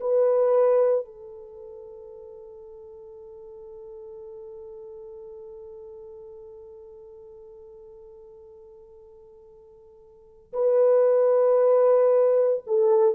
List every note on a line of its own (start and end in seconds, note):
0.00 1.05 B4
1.05 10.52 A4
10.53 12.63 B4
12.67 13.15 A4